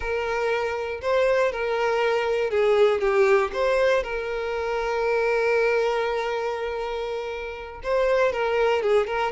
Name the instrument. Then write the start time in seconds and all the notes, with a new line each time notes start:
violin
0.00 A#4
1.01 C5
1.51 A#4
2.50 G#4
3.00 G4
3.53 C5
4.03 A#4
7.83 C5
8.32 A#4
8.82 G#4
9.06 A#4